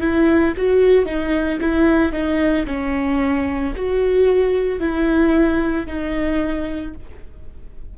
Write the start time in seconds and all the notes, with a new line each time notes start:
0.00 E4
0.56 F#4
1.06 D#4
1.60 E4
2.12 D#4
2.67 C#4
3.76 F#4
4.80 E4
5.86 D#4